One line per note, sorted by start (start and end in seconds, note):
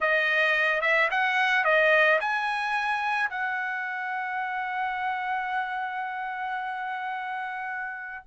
0.01 0.81 D#5
0.81 1.09 E5
1.10 1.64 F#5
1.64 2.19 D#5
2.20 3.29 G#5
3.29 8.24 F#5